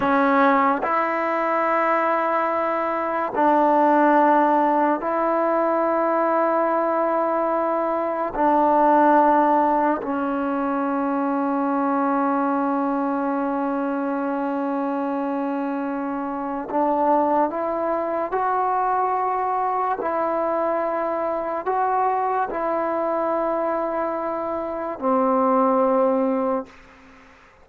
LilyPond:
\new Staff \with { instrumentName = "trombone" } { \time 4/4 \tempo 4 = 72 cis'4 e'2. | d'2 e'2~ | e'2 d'2 | cis'1~ |
cis'1 | d'4 e'4 fis'2 | e'2 fis'4 e'4~ | e'2 c'2 | }